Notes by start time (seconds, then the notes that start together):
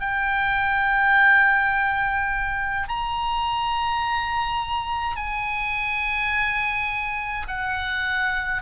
0.00 G5
2.88 A#5
5.16 G#5
7.48 F#5